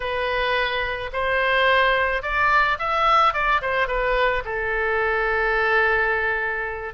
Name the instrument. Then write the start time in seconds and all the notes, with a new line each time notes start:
oboe
0.00 B4
1.12 C5
2.22 D5
2.78 E5
3.33 D5
3.61 C5
3.87 B4
4.44 A4